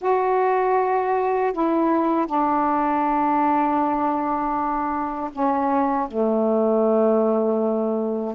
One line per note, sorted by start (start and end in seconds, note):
0.01 1.53 F#4
1.53 2.26 E4
2.26 5.30 D4
5.32 6.08 C#4
6.08 8.34 A3